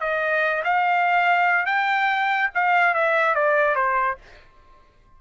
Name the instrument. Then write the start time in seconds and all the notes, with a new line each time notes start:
trumpet
0.00 D#5
0.64 F5
1.66 G5
2.54 F5
2.94 E5
3.35 D5
3.75 C5